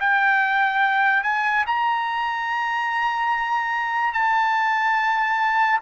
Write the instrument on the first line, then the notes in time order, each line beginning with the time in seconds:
trumpet
0.00 G5
1.23 G#5
1.66 A#5
4.13 A5